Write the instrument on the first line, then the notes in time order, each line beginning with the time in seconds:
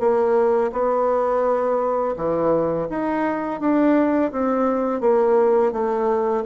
bassoon
0.00 A#3
0.72 B3
2.17 E3
2.90 D#4
3.60 D4
4.32 C4
5.01 A#3
5.73 A3